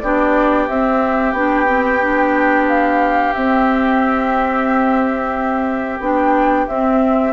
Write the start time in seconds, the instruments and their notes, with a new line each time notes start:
0.00 bassoon B3, clarinet D4, oboe G4, flute D5
0.68 bassoon C4, clarinet C4, flute E5
1.32 bassoon B3, clarinet D4, flute G5
1.66 clarinet C4
2.02 clarinet D4
2.69 flute F5
3.34 clarinet C4, bassoon C4, flute E5
6.00 bassoon B3, clarinet D4, flute G5
6.68 clarinet C4, bassoon C4, flute E5